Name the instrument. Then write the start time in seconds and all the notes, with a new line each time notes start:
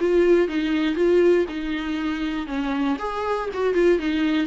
viola
0.00 F4
0.48 D#4
0.95 F4
1.49 D#4
2.47 C#4
2.99 G#4
3.54 F#4
3.74 F4
3.99 D#4